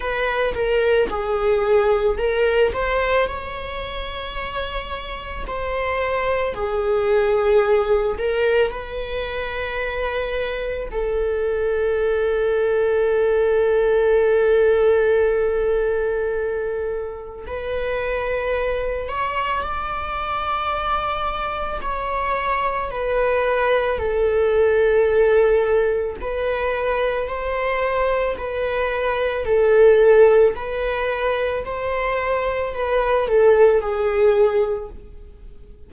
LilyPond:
\new Staff \with { instrumentName = "viola" } { \time 4/4 \tempo 4 = 55 b'8 ais'8 gis'4 ais'8 c''8 cis''4~ | cis''4 c''4 gis'4. ais'8 | b'2 a'2~ | a'1 |
b'4. cis''8 d''2 | cis''4 b'4 a'2 | b'4 c''4 b'4 a'4 | b'4 c''4 b'8 a'8 gis'4 | }